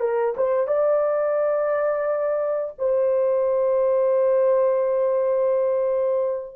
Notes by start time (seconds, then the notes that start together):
0.00 A#4
0.36 C5
0.67 D5
2.78 C5